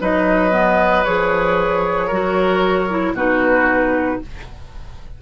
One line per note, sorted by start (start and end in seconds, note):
0.00 1.05 F#3
0.00 0.51 D#4
0.00 2.07 B4
0.00 1.04 D#5
0.51 1.03 B3
1.04 2.11 F3
1.04 2.11 G#4
1.04 3.14 C#5
2.07 3.12 F#3
2.07 2.90 F#4
2.07 3.12 A#4
2.90 3.16 E4
3.12 4.18 B2
3.12 4.22 D#4
3.12 4.21 F#4
3.12 4.22 B4